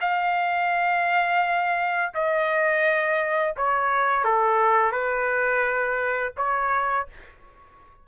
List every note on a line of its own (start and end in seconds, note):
0.00 2.12 F5
2.14 3.55 D#5
3.56 4.24 C#5
4.24 4.92 A4
4.92 6.33 B4
6.37 7.07 C#5